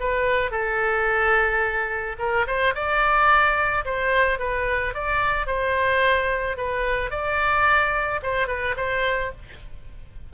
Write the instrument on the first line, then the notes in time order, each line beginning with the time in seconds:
oboe
0.00 B4
0.51 A4
2.19 A#4
2.47 C5
2.75 D5
3.85 C5
4.39 B4
4.94 D5
5.47 C5
6.57 B4
7.11 D5
8.23 C5
8.47 B4
8.77 C5